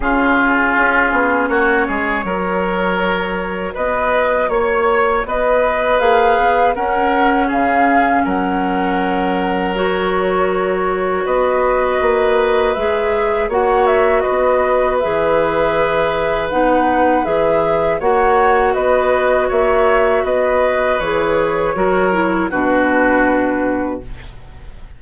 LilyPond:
<<
  \new Staff \with { instrumentName = "flute" } { \time 4/4 \tempo 4 = 80 gis'2 cis''2~ | cis''4 dis''4 cis''4 dis''4 | f''4 fis''4 f''4 fis''4~ | fis''4 cis''2 dis''4~ |
dis''4 e''4 fis''8 e''8 dis''4 | e''2 fis''4 e''4 | fis''4 dis''4 e''4 dis''4 | cis''2 b'2 | }
  \new Staff \with { instrumentName = "oboe" } { \time 4/4 f'2 fis'8 gis'8 ais'4~ | ais'4 b'4 cis''4 b'4~ | b'4 ais'4 gis'4 ais'4~ | ais'2. b'4~ |
b'2 cis''4 b'4~ | b'1 | cis''4 b'4 cis''4 b'4~ | b'4 ais'4 fis'2 | }
  \new Staff \with { instrumentName = "clarinet" } { \time 4/4 cis'2. fis'4~ | fis'1 | gis'4 cis'2.~ | cis'4 fis'2.~ |
fis'4 gis'4 fis'2 | gis'2 dis'4 gis'4 | fis'1 | gis'4 fis'8 e'8 d'2 | }
  \new Staff \with { instrumentName = "bassoon" } { \time 4/4 cis4 cis'8 b8 ais8 gis8 fis4~ | fis4 b4 ais4 b4 | ais8 b8 cis'4 cis4 fis4~ | fis2. b4 |
ais4 gis4 ais4 b4 | e2 b4 e4 | ais4 b4 ais4 b4 | e4 fis4 b,2 | }
>>